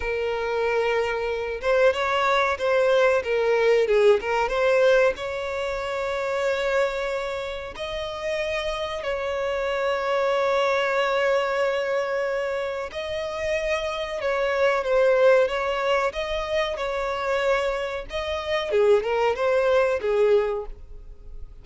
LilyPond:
\new Staff \with { instrumentName = "violin" } { \time 4/4 \tempo 4 = 93 ais'2~ ais'8 c''8 cis''4 | c''4 ais'4 gis'8 ais'8 c''4 | cis''1 | dis''2 cis''2~ |
cis''1 | dis''2 cis''4 c''4 | cis''4 dis''4 cis''2 | dis''4 gis'8 ais'8 c''4 gis'4 | }